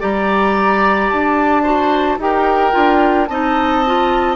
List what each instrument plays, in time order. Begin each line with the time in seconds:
0.00 bassoon G3, clarinet G4, oboe D5, flute A#5
1.10 bassoon D4, flute A5
1.63 clarinet F#4, oboe C5
2.18 bassoon D#4, clarinet G4, oboe A#4, flute G5
2.72 bassoon D4, clarinet F4
3.27 bassoon C4, clarinet D#4, oboe D#5, flute A5
3.86 clarinet F4